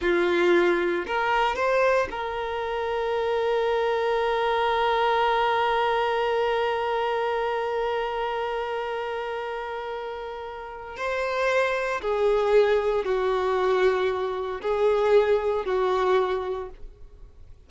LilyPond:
\new Staff \with { instrumentName = "violin" } { \time 4/4 \tempo 4 = 115 f'2 ais'4 c''4 | ais'1~ | ais'1~ | ais'1~ |
ais'1~ | ais'4 c''2 gis'4~ | gis'4 fis'2. | gis'2 fis'2 | }